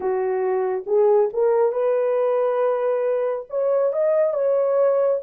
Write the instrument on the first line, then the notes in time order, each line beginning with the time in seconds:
horn
0.00 F#4
0.86 G#4
1.33 A#4
1.72 B4
3.49 C#5
3.92 D#5
4.33 C#5